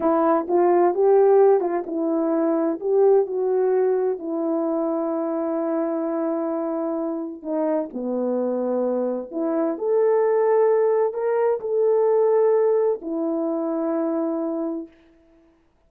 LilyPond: \new Staff \with { instrumentName = "horn" } { \time 4/4 \tempo 4 = 129 e'4 f'4 g'4. f'8 | e'2 g'4 fis'4~ | fis'4 e'2.~ | e'1 |
dis'4 b2. | e'4 a'2. | ais'4 a'2. | e'1 | }